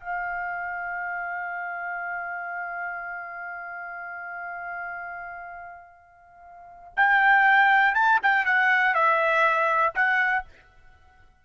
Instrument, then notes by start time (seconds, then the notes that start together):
trumpet
0.00 F5
6.97 G5
7.95 A5
8.23 G5
8.46 F#5
8.95 E5
9.95 F#5